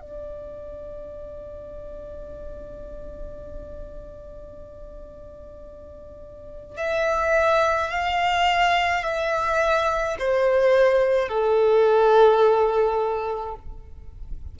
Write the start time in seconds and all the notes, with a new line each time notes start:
0.00 D5
6.77 E5
7.90 F5
9.03 E5
10.19 C5
11.28 A4